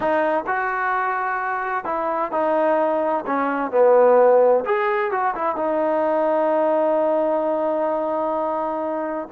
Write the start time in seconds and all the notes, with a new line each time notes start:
0.00 D#4
0.47 F#4
1.85 E4
2.31 D#4
3.26 C#4
3.71 B3
4.65 G#4
5.11 F#4
5.35 E4
5.56 D#4